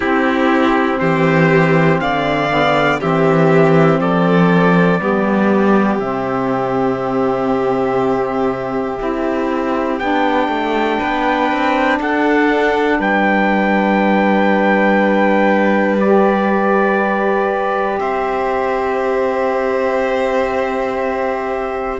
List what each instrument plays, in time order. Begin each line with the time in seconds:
0.00 cello C4, saxophone C4, violin E4, trumpet G4
0.99 cello E3, violin G4, trumpet C5
2.00 cello D3, violin D5, trumpet F5
2.50 saxophone B3
3.00 cello E3, saxophone C4, violin G4, trumpet E5
3.99 cello F3, violin A4, trumpet D5
5.00 cello G3, saxophone B3, violin G4
5.98 cello C3, saxophone C4, trumpet E5
8.98 cello C4, saxophone E4
9.99 cello B3, saxophone D4, trumpet G5
10.48 cello A3
10.99 cello B3, violin B4
11.52 cello C4
11.99 cello D4, violin A4, trumpet F#5
12.99 cello G3, violin B4, trumpet G5
15.99 saxophone G4, trumpet D5
17.99 cello C4, violin C5, trumpet E5